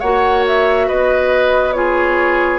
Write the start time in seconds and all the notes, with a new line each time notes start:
0.00 A#3 F#4 C#5 F#5
0.47 E5
0.88 B3 B4 D#5
1.73 F4 G#4 C#5